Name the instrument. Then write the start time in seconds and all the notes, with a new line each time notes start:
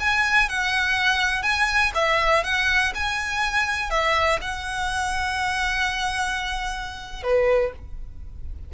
violin
0.00 G#5
0.49 F#5
1.43 G#5
1.95 E5
2.44 F#5
2.95 G#5
3.90 E5
4.42 F#5
7.23 B4